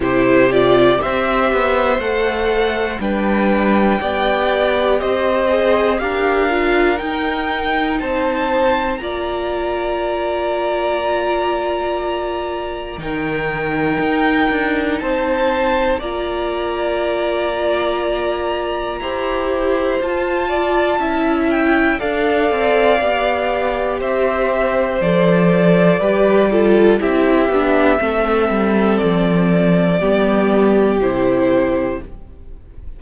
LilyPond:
<<
  \new Staff \with { instrumentName = "violin" } { \time 4/4 \tempo 4 = 60 c''8 d''8 e''4 fis''4 g''4~ | g''4 dis''4 f''4 g''4 | a''4 ais''2.~ | ais''4 g''2 a''4 |
ais''1 | a''4. g''8 f''2 | e''4 d''2 e''4~ | e''4 d''2 c''4 | }
  \new Staff \with { instrumentName = "violin" } { \time 4/4 g'4 c''2 b'4 | d''4 c''4 ais'2 | c''4 d''2.~ | d''4 ais'2 c''4 |
d''2. c''4~ | c''8 d''8 e''4 d''2 | c''2 b'8 a'8 g'4 | a'2 g'2 | }
  \new Staff \with { instrumentName = "viola" } { \time 4/4 e'8 f'8 g'4 a'4 d'4 | g'4. gis'8 g'8 f'8 dis'4~ | dis'4 f'2.~ | f'4 dis'2. |
f'2. g'4 | f'4 e'4 a'4 g'4~ | g'4 a'4 g'8 f'8 e'8 d'8 | c'2 b4 e'4 | }
  \new Staff \with { instrumentName = "cello" } { \time 4/4 c4 c'8 b8 a4 g4 | b4 c'4 d'4 dis'4 | c'4 ais2.~ | ais4 dis4 dis'8 d'8 c'4 |
ais2. e'4 | f'4 cis'4 d'8 c'8 b4 | c'4 f4 g4 c'8 b8 | a8 g8 f4 g4 c4 | }
>>